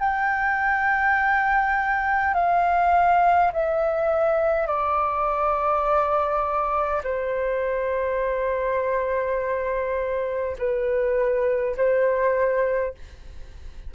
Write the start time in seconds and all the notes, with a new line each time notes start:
0.00 G5
2.35 F5
3.53 E5
4.67 D5
7.04 C5
10.59 B4
11.78 C5